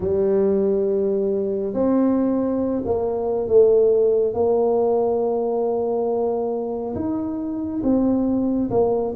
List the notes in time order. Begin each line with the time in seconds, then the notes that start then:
0.00 G3
1.74 C4
2.85 A#3
3.47 A3
4.34 A#3
6.95 D#4
7.83 C4
8.70 A#3